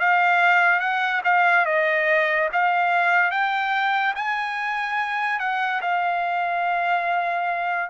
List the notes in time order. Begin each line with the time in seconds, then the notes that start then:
0.00 F5
0.80 F#5
1.24 F5
1.66 D#5
2.53 F5
3.31 G5
4.16 G#5
5.39 F#5
5.82 F5